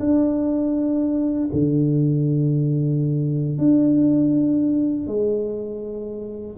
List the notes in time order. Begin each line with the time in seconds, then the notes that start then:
0.00 D4
1.53 D3
3.59 D4
5.08 G#3